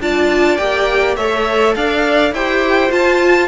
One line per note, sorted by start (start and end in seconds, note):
0.00 0.58 D4
0.00 0.59 F4
0.00 1.17 D5
0.00 0.57 A5
0.57 1.17 A#3
0.57 1.17 G4
0.57 1.15 G5
1.16 1.75 A3
1.16 2.36 A4
1.16 1.75 C#5
1.16 1.75 E5
1.75 2.32 D4
1.75 2.34 D5
1.75 2.34 F5
2.32 2.91 E4
2.32 2.89 G4
2.32 3.48 C5
2.32 2.92 G5
2.89 3.48 F4
2.89 3.48 A5